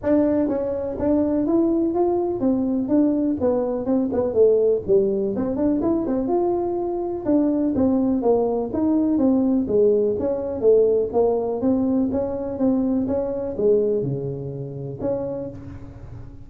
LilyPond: \new Staff \with { instrumentName = "tuba" } { \time 4/4 \tempo 4 = 124 d'4 cis'4 d'4 e'4 | f'4 c'4 d'4 b4 | c'8 b8 a4 g4 c'8 d'8 | e'8 c'8 f'2 d'4 |
c'4 ais4 dis'4 c'4 | gis4 cis'4 a4 ais4 | c'4 cis'4 c'4 cis'4 | gis4 cis2 cis'4 | }